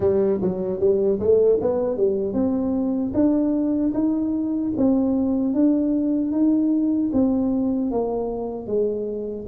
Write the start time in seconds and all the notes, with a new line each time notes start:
0.00 G3
0.41 F#3
0.79 G3
1.19 A3
1.60 B3
1.96 G3
2.33 C4
3.14 D4
3.93 D#4
4.76 C4
5.53 D4
6.31 D#4
7.12 C4
7.91 A#3
8.66 G#3